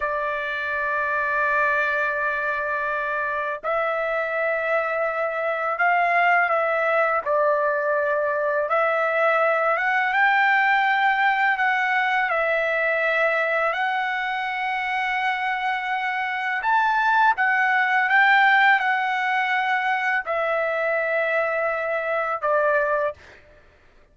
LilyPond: \new Staff \with { instrumentName = "trumpet" } { \time 4/4 \tempo 4 = 83 d''1~ | d''4 e''2. | f''4 e''4 d''2 | e''4. fis''8 g''2 |
fis''4 e''2 fis''4~ | fis''2. a''4 | fis''4 g''4 fis''2 | e''2. d''4 | }